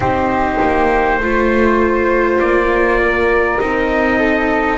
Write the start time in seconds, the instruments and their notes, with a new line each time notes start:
0.00 double bass C4, viola D#4, flute G4, trumpet C5
0.60 double bass A#3
1.19 double bass A3, viola F4, flute C5
2.39 double bass A#3, trumpet D5
3.02 flute A#4
3.59 double bass C4, viola D#4, trumpet D#5
4.18 flute A4